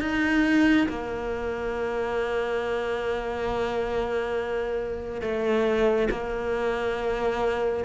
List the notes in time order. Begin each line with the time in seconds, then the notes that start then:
0.00 D#4
0.89 A#3
5.21 A3
6.10 A#3